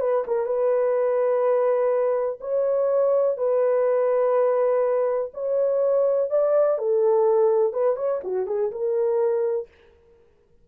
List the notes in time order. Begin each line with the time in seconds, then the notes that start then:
0.00 B4
0.27 A#4
0.46 B4
2.41 C#5
3.38 B4
5.34 C#5
6.31 D5
6.79 A4
7.74 B4
7.97 C#5
8.24 F#4
8.47 G#4
8.72 A#4